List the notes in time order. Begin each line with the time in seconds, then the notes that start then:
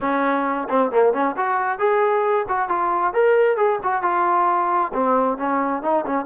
0.00 C#4
0.69 C4
0.91 A#3
1.13 C#4
1.37 F#4
1.78 G#4
2.48 F#4
2.68 F4
3.13 A#4
3.56 G#4
3.83 F#4
4.02 F4
4.93 C4
5.37 C#4
5.82 D#4
6.06 C#4